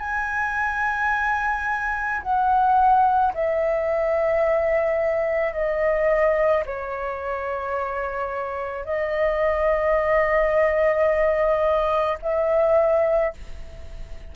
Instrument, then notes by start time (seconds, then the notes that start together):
flute
0.00 G#5
2.22 F#5
3.34 E5
5.53 D#5
6.66 C#5
8.85 D#5
12.23 E5